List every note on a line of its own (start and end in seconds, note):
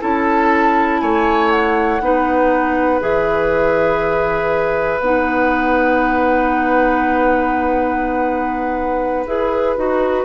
0.00 1.01 C#4
0.00 2.00 E4
0.00 1.01 A4
0.00 1.00 A5
1.00 2.00 A3
1.00 2.01 C#5
1.00 1.50 G#5
1.50 3.00 F#5
2.00 3.00 B3
2.00 3.00 D#4
2.00 10.25 B4
3.00 4.99 E3
3.00 5.00 G#4
3.00 5.00 E5
4.99 9.24 B3
4.99 9.26 D#4
4.99 9.25 F#5
9.26 9.76 E4
9.26 9.76 G#4
9.26 10.25 B4
9.76 10.25 D#4
9.76 10.25 F#4